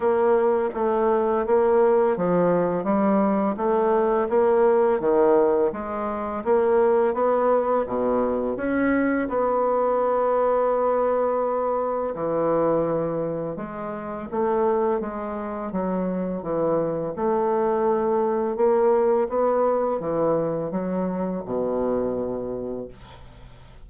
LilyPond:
\new Staff \with { instrumentName = "bassoon" } { \time 4/4 \tempo 4 = 84 ais4 a4 ais4 f4 | g4 a4 ais4 dis4 | gis4 ais4 b4 b,4 | cis'4 b2.~ |
b4 e2 gis4 | a4 gis4 fis4 e4 | a2 ais4 b4 | e4 fis4 b,2 | }